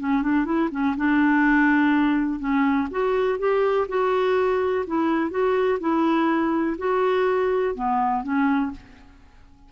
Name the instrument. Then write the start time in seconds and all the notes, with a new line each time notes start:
clarinet
0.00 C#4
0.23 D4
0.46 E4
0.72 C#4
0.97 D4
2.40 C#4
2.91 F#4
3.39 G4
3.89 F#4
4.87 E4
5.31 F#4
5.80 E4
6.79 F#4
7.75 B3
8.23 C#4